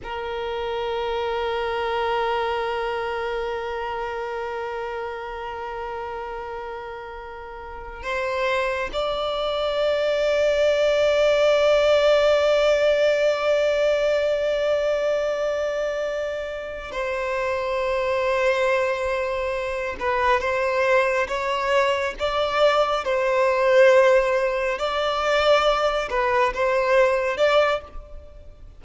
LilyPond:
\new Staff \with { instrumentName = "violin" } { \time 4/4 \tempo 4 = 69 ais'1~ | ais'1~ | ais'4~ ais'16 c''4 d''4.~ d''16~ | d''1~ |
d''2.~ d''8 c''8~ | c''2. b'8 c''8~ | c''8 cis''4 d''4 c''4.~ | c''8 d''4. b'8 c''4 d''8 | }